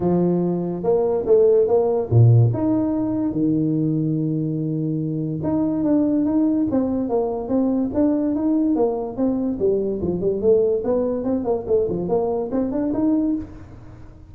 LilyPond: \new Staff \with { instrumentName = "tuba" } { \time 4/4 \tempo 4 = 144 f2 ais4 a4 | ais4 ais,4 dis'2 | dis1~ | dis4 dis'4 d'4 dis'4 |
c'4 ais4 c'4 d'4 | dis'4 ais4 c'4 g4 | f8 g8 a4 b4 c'8 ais8 | a8 f8 ais4 c'8 d'8 dis'4 | }